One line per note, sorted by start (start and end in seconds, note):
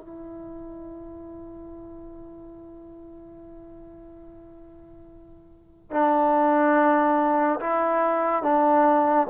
0.00 5.90 E4
5.90 7.59 D4
7.60 8.42 E4
8.42 9.27 D4